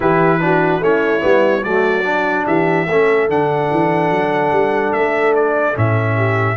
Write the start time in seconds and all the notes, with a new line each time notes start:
0.00 E3 E4 G4 B4
0.40 D4 F#4
0.79 A3 C#4 E4 C#5
1.20 G3 B3
1.63 F#3 A3 F#4 D5
2.04 D4
2.46 E3 G4 E5
2.87 A3 C#4 A4
3.29 D3 D4 F#5
3.71 E3
4.10 F#3
4.51 G3
4.92 A3 E5
5.35 D5
5.74 A2 C#4 E5
6.15 G4